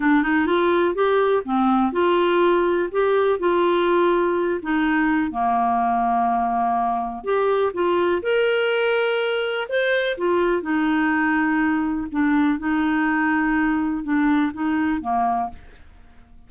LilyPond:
\new Staff \with { instrumentName = "clarinet" } { \time 4/4 \tempo 4 = 124 d'8 dis'8 f'4 g'4 c'4 | f'2 g'4 f'4~ | f'4. dis'4. ais4~ | ais2. g'4 |
f'4 ais'2. | c''4 f'4 dis'2~ | dis'4 d'4 dis'2~ | dis'4 d'4 dis'4 ais4 | }